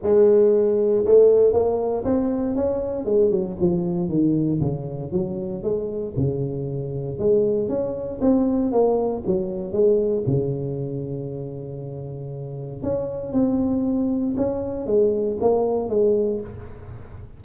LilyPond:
\new Staff \with { instrumentName = "tuba" } { \time 4/4 \tempo 4 = 117 gis2 a4 ais4 | c'4 cis'4 gis8 fis8 f4 | dis4 cis4 fis4 gis4 | cis2 gis4 cis'4 |
c'4 ais4 fis4 gis4 | cis1~ | cis4 cis'4 c'2 | cis'4 gis4 ais4 gis4 | }